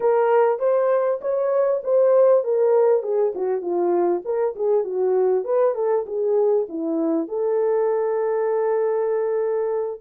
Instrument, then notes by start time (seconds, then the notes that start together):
horn
0.00 A#4
0.59 C5
1.21 C#5
1.83 C5
2.44 A#4
3.02 G#4
3.34 F#4
3.61 F4
4.24 A#4
4.55 G#4
4.83 F#4
5.44 B4
5.74 A4
6.06 G#4
6.68 E4
7.28 A4